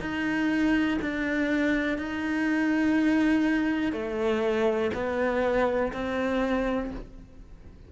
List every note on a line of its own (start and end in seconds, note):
0.00 0.98 D#4
1.01 1.98 D4
1.98 3.92 D#4
3.92 4.90 A3
4.94 5.92 B3
5.92 6.91 C4